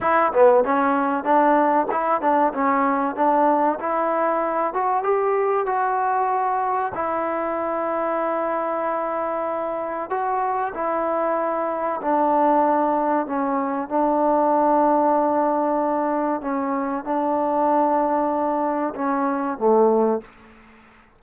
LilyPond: \new Staff \with { instrumentName = "trombone" } { \time 4/4 \tempo 4 = 95 e'8 b8 cis'4 d'4 e'8 d'8 | cis'4 d'4 e'4. fis'8 | g'4 fis'2 e'4~ | e'1 |
fis'4 e'2 d'4~ | d'4 cis'4 d'2~ | d'2 cis'4 d'4~ | d'2 cis'4 a4 | }